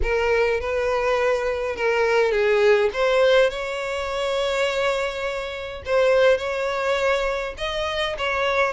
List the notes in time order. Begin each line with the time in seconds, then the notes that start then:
0.02 A#4
0.60 B4
1.76 A#4
2.31 G#4
2.93 C5
3.50 C#5
5.85 C5
6.37 C#5
7.57 D#5
8.18 C#5